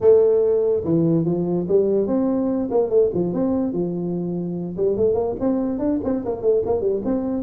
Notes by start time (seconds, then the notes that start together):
0.00 A3
0.84 E3
1.25 F3
1.68 G3
2.07 C4
2.70 A#3
2.89 A3
3.14 F3
3.33 C4
3.72 F3
4.76 G3
4.97 A3
5.14 A#3
5.40 C4
5.78 D4
6.03 C4
6.25 A#3
6.41 A3
6.65 A#3
6.81 G3
7.04 C4